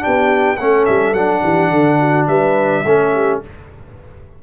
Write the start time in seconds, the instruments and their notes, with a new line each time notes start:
0.00 trombone D4, horn G4, trumpet G5
0.06 tuba B3
0.56 tuba A3, trombone C#4, horn A4, trumpet F#5
0.85 tuba G3, trumpet E5
1.13 tuba F#3, trombone D4, trumpet F#5
1.42 tuba E3, horn G4
1.70 tuba D3, horn A4
1.99 horn F#4
2.27 tuba G3, horn B4, trumpet E5
2.84 tuba A3, trombone C#4, horn A4
3.14 horn G4